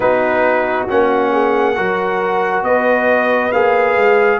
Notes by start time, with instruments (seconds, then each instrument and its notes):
0.00 tuba B3, trombone D#4, horn F#4, trumpet B4
0.87 tuba A#3, trombone C#4, trumpet F#5
1.31 horn G#4
1.75 tuba F#3, trombone F#4, horn A#4
2.62 tuba B3, horn B4, trumpet D#5
3.51 tuba A#3, trombone G#4, trumpet F5
3.96 tuba G#3